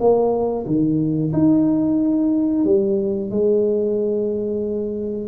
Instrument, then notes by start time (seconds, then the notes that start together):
tuba
0.00 A#3
0.66 D#3
1.33 D#4
2.65 G3
3.31 G#3